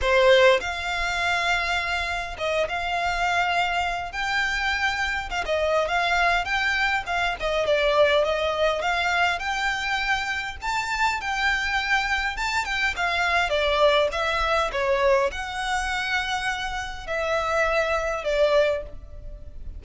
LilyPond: \new Staff \with { instrumentName = "violin" } { \time 4/4 \tempo 4 = 102 c''4 f''2. | dis''8 f''2~ f''8 g''4~ | g''4 f''16 dis''8. f''4 g''4 | f''8 dis''8 d''4 dis''4 f''4 |
g''2 a''4 g''4~ | g''4 a''8 g''8 f''4 d''4 | e''4 cis''4 fis''2~ | fis''4 e''2 d''4 | }